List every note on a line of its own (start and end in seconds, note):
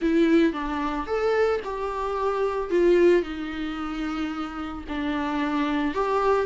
0.01 0.52 E4
0.52 1.06 D4
1.06 1.60 A4
1.64 2.70 G4
2.70 3.22 F4
3.22 4.84 D#4
4.88 5.94 D4
5.94 6.45 G4